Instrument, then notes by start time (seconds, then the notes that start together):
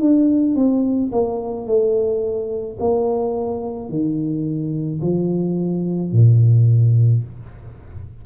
tuba
0.00 D4
0.55 C4
1.12 A#3
1.66 A3
2.79 A#3
3.89 D#3
5.02 F3
6.12 A#2